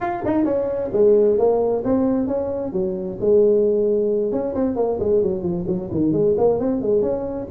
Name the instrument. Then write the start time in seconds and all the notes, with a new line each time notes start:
tuba
0.00 F4
0.25 D#4
0.44 C#4
0.92 G#3
1.38 A#3
1.84 C4
2.27 C#4
2.72 F#3
3.20 G#3
4.31 C#4
4.55 C4
4.75 A#3
4.99 G#3
5.22 F#3
5.42 F3
5.67 F#3
5.91 D#3
6.12 G#3
6.37 A#3
6.59 C4
6.81 G#3
7.01 C#4